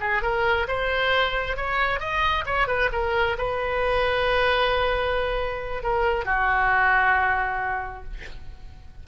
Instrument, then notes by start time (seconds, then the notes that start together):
oboe
0.00 G#4
0.22 A#4
0.68 C5
1.56 C#5
2.00 D#5
2.45 C#5
2.67 B4
2.92 A#4
3.37 B4
5.82 A#4
6.25 F#4